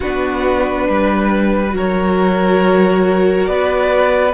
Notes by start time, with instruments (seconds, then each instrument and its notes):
0.00 cello B3, viola D4, violin F#4 B4
0.88 cello G3, violin B4
1.70 cello F#3, viola F#4, violin A#4
1.76 violin C#5
3.46 cello B3, violin B4 D5